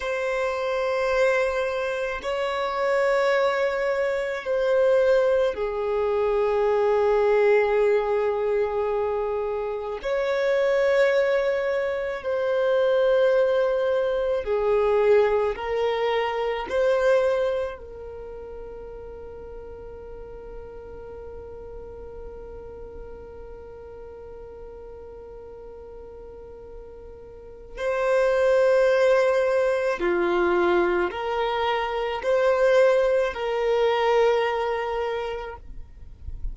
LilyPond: \new Staff \with { instrumentName = "violin" } { \time 4/4 \tempo 4 = 54 c''2 cis''2 | c''4 gis'2.~ | gis'4 cis''2 c''4~ | c''4 gis'4 ais'4 c''4 |
ais'1~ | ais'1~ | ais'4 c''2 f'4 | ais'4 c''4 ais'2 | }